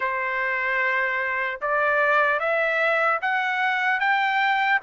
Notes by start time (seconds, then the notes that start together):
0.00 C5
1.61 D5
2.39 E5
3.21 F#5
4.00 G5